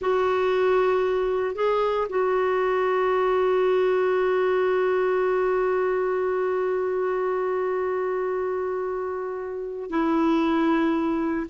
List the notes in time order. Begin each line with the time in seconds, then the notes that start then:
0.01 F#4
1.55 G#4
2.09 F#4
9.90 E4